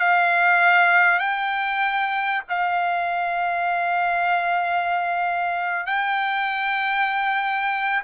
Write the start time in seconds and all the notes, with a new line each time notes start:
0.00 F5
1.19 G5
2.49 F5
5.87 G5